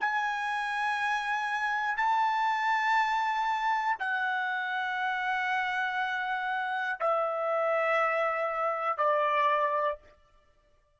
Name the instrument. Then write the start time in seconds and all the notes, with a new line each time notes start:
trumpet
0.00 G#5
1.96 A5
3.99 F#5
7.00 E5
8.98 D5